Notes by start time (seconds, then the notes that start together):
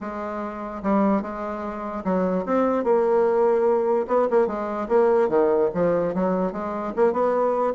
0.00 G#3
0.82 G3
1.22 G#3
2.04 F#3
2.45 C4
2.84 A#3
4.07 B3
4.30 A#3
4.47 G#3
4.88 A#3
5.28 D#3
5.74 F3
6.14 F#3
6.52 G#3
6.96 A#3
7.12 B3